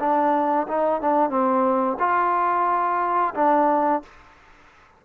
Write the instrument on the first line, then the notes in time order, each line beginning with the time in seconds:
trombone
0.00 D4
0.68 D#4
1.02 D4
1.30 C4
2.00 F4
3.35 D4